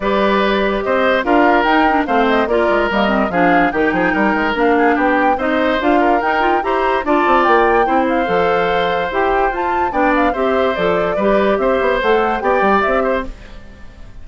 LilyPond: <<
  \new Staff \with { instrumentName = "flute" } { \time 4/4 \tempo 4 = 145 d''2 dis''4 f''4 | g''4 f''8 dis''8 d''4 dis''4 | f''4 g''2 f''4 | g''4 dis''4 f''4 g''4 |
ais''4 a''4 g''4. f''8~ | f''2 g''4 a''4 | g''8 f''8 e''4 d''2 | e''4 fis''4 g''4 e''4 | }
  \new Staff \with { instrumentName = "oboe" } { \time 4/4 b'2 c''4 ais'4~ | ais'4 c''4 ais'2 | gis'4 g'8 gis'8 ais'4. gis'8 | g'4 c''4. ais'4. |
c''4 d''2 c''4~ | c''1 | d''4 c''2 b'4 | c''2 d''4. c''8 | }
  \new Staff \with { instrumentName = "clarinet" } { \time 4/4 g'2. f'4 | dis'8 d'8 c'4 f'4 ais8 c'8 | d'4 dis'2 d'4~ | d'4 dis'4 f'4 dis'8 f'8 |
g'4 f'2 e'4 | a'2 g'4 f'4 | d'4 g'4 a'4 g'4~ | g'4 a'4 g'2 | }
  \new Staff \with { instrumentName = "bassoon" } { \time 4/4 g2 c'4 d'4 | dis'4 a4 ais8 gis8 g4 | f4 dis8 f8 g8 gis8 ais4 | b4 c'4 d'4 dis'4 |
e'4 d'8 c'8 ais4 c'4 | f2 e'4 f'4 | b4 c'4 f4 g4 | c'8 b8 a4 b8 g8 c'4 | }
>>